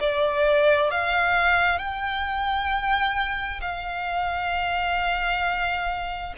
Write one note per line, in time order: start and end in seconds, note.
0.00 0.91 D5
0.91 1.79 F5
1.79 3.60 G5
3.61 6.34 F5